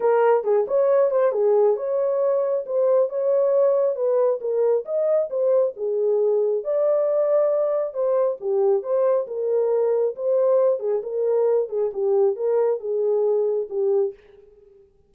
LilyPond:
\new Staff \with { instrumentName = "horn" } { \time 4/4 \tempo 4 = 136 ais'4 gis'8 cis''4 c''8 gis'4 | cis''2 c''4 cis''4~ | cis''4 b'4 ais'4 dis''4 | c''4 gis'2 d''4~ |
d''2 c''4 g'4 | c''4 ais'2 c''4~ | c''8 gis'8 ais'4. gis'8 g'4 | ais'4 gis'2 g'4 | }